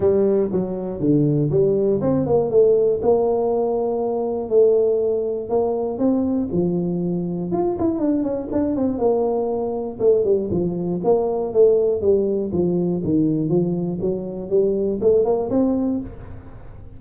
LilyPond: \new Staff \with { instrumentName = "tuba" } { \time 4/4 \tempo 4 = 120 g4 fis4 d4 g4 | c'8 ais8 a4 ais2~ | ais4 a2 ais4 | c'4 f2 f'8 e'8 |
d'8 cis'8 d'8 c'8 ais2 | a8 g8 f4 ais4 a4 | g4 f4 dis4 f4 | fis4 g4 a8 ais8 c'4 | }